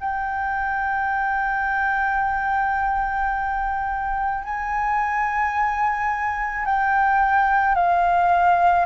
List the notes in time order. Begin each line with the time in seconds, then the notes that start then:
0.00 G5
4.43 G#5
6.65 G5
7.75 F5